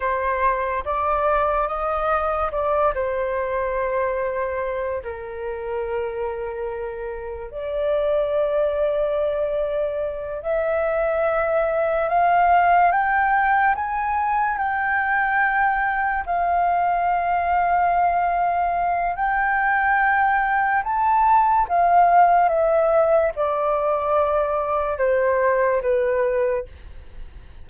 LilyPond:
\new Staff \with { instrumentName = "flute" } { \time 4/4 \tempo 4 = 72 c''4 d''4 dis''4 d''8 c''8~ | c''2 ais'2~ | ais'4 d''2.~ | d''8 e''2 f''4 g''8~ |
g''8 gis''4 g''2 f''8~ | f''2. g''4~ | g''4 a''4 f''4 e''4 | d''2 c''4 b'4 | }